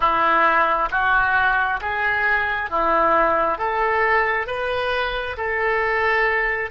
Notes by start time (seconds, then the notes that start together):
0.00 E4
0.90 F#4
1.81 G#4
2.70 E4
3.57 A4
4.47 B4
5.37 A4